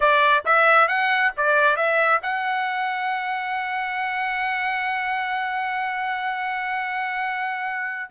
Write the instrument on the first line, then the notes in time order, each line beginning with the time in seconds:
trumpet
0.00 D5
0.45 E5
0.88 F#5
1.36 D5
1.76 E5
2.22 F#5